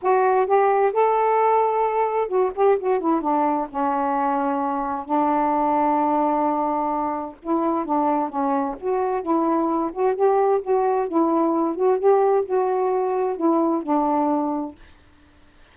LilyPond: \new Staff \with { instrumentName = "saxophone" } { \time 4/4 \tempo 4 = 130 fis'4 g'4 a'2~ | a'4 fis'8 g'8 fis'8 e'8 d'4 | cis'2. d'4~ | d'1 |
e'4 d'4 cis'4 fis'4 | e'4. fis'8 g'4 fis'4 | e'4. fis'8 g'4 fis'4~ | fis'4 e'4 d'2 | }